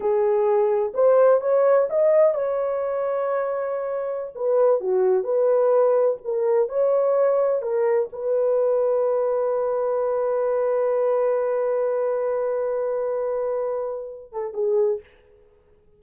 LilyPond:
\new Staff \with { instrumentName = "horn" } { \time 4/4 \tempo 4 = 128 gis'2 c''4 cis''4 | dis''4 cis''2.~ | cis''4~ cis''16 b'4 fis'4 b'8.~ | b'4~ b'16 ais'4 cis''4.~ cis''16~ |
cis''16 ais'4 b'2~ b'8.~ | b'1~ | b'1~ | b'2~ b'8 a'8 gis'4 | }